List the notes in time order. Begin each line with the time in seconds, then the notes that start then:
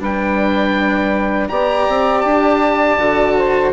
0.00 G3 D4 B4 G5
1.49 B3 G4 D5 A#5
1.89 C4
2.20 D4 A5
2.98 D3 F#4
3.37 C5